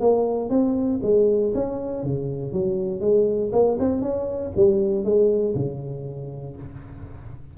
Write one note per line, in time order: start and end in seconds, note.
0.00 0.50 A#3
0.50 1.00 C4
1.03 1.53 G#3
1.54 2.03 C#4
2.03 2.52 C#3
2.52 3.01 F#3
3.01 3.51 G#3
3.52 3.78 A#3
3.79 4.02 C4
4.02 4.52 C#4
4.56 5.04 G3
5.04 5.55 G#3
5.55 6.56 C#3